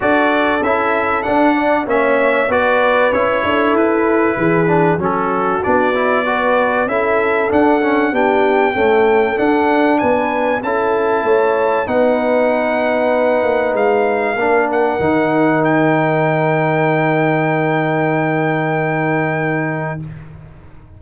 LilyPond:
<<
  \new Staff \with { instrumentName = "trumpet" } { \time 4/4 \tempo 4 = 96 d''4 e''4 fis''4 e''4 | d''4 cis''4 b'2 | a'4 d''2 e''4 | fis''4 g''2 fis''4 |
gis''4 a''2 fis''4~ | fis''2 f''4. fis''8~ | fis''4 g''2.~ | g''1 | }
  \new Staff \with { instrumentName = "horn" } { \time 4/4 a'2~ a'8 d''8 cis''4 | b'4. a'4. gis'4 | fis'2 b'4 a'4~ | a'4 g'4 a'2 |
b'4 a'4 cis''4 b'4~ | b'2. ais'4~ | ais'1~ | ais'1 | }
  \new Staff \with { instrumentName = "trombone" } { \time 4/4 fis'4 e'4 d'4 cis'4 | fis'4 e'2~ e'8 d'8 | cis'4 d'8 e'8 fis'4 e'4 | d'8 cis'8 d'4 a4 d'4~ |
d'4 e'2 dis'4~ | dis'2. d'4 | dis'1~ | dis'1 | }
  \new Staff \with { instrumentName = "tuba" } { \time 4/4 d'4 cis'4 d'4 ais4 | b4 cis'8 d'8 e'4 e4 | fis4 b2 cis'4 | d'4 b4 cis'4 d'4 |
b4 cis'4 a4 b4~ | b4. ais8 gis4 ais4 | dis1~ | dis1 | }
>>